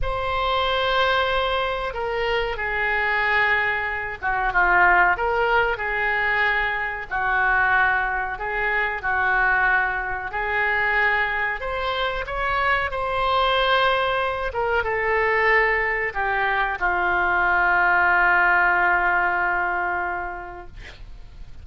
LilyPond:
\new Staff \with { instrumentName = "oboe" } { \time 4/4 \tempo 4 = 93 c''2. ais'4 | gis'2~ gis'8 fis'8 f'4 | ais'4 gis'2 fis'4~ | fis'4 gis'4 fis'2 |
gis'2 c''4 cis''4 | c''2~ c''8 ais'8 a'4~ | a'4 g'4 f'2~ | f'1 | }